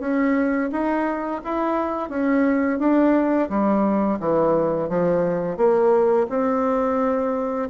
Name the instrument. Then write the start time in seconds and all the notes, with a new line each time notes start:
bassoon
0.00 C#4
0.72 D#4
1.44 E4
2.09 C#4
2.79 D4
3.49 G3
4.20 E3
4.89 F3
5.57 A#3
6.29 C4